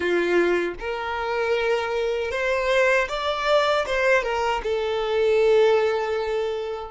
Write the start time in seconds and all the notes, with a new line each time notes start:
0.00 F4
0.79 A#4
2.31 C5
3.08 D5
3.86 C5
4.23 A#4
4.63 A4